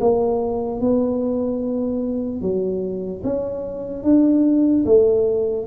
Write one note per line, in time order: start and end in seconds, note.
0.00 0.80 A#3
0.80 2.41 B3
2.41 3.22 F#3
3.23 4.03 C#4
4.03 4.84 D4
4.85 5.66 A3